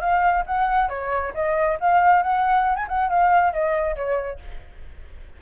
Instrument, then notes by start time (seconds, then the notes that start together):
flute
0.00 F5
0.46 F#5
0.89 C#5
1.34 D#5
1.80 F5
2.22 F#5
2.76 G#5
2.88 F#5
3.09 F5
3.53 D#5
3.95 C#5